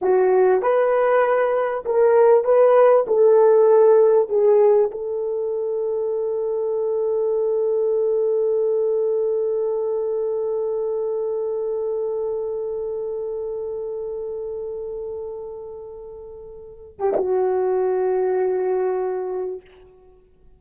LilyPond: \new Staff \with { instrumentName = "horn" } { \time 4/4 \tempo 4 = 98 fis'4 b'2 ais'4 | b'4 a'2 gis'4 | a'1~ | a'1~ |
a'1~ | a'1~ | a'2.~ a'8. g'16 | fis'1 | }